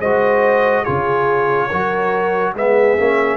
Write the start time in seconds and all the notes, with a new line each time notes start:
0.00 G#3 F#4 C5 D#5
0.83 C#3 F4 G#4 C#5
1.69 F#3 F#4 A#4
2.54 G#3 B3 G#4 E5
2.98 A#3 C#4